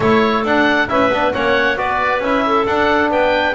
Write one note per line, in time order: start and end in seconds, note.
0.00 0.44 A3
0.00 0.45 E4
0.00 0.88 A4
0.00 0.44 C#5
0.44 0.88 D4
0.44 0.87 D4
0.44 0.88 F#5
0.87 1.10 C#4
0.87 1.10 E4
0.87 1.34 B4
0.87 1.32 E5
1.10 1.32 B3
1.10 1.33 D4
1.33 1.76 A#3
1.33 1.76 C#4
1.33 1.78 C#5
1.33 1.77 F#5
1.76 2.19 B3
1.76 2.20 F#4
1.76 2.45 B4
1.76 2.22 D5
2.19 2.63 C#4
2.19 2.67 E4
2.19 2.66 E5
2.45 3.11 A4
2.66 3.10 D4
2.66 3.55 D4
2.66 3.10 F#5
3.10 3.54 B3
3.10 3.55 B4
3.10 3.55 G5